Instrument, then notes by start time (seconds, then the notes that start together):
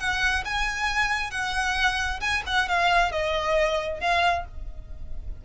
violin
0.00 F#5
0.45 G#5
1.31 F#5
2.21 G#5
2.47 F#5
2.69 F5
3.12 D#5
4.01 F5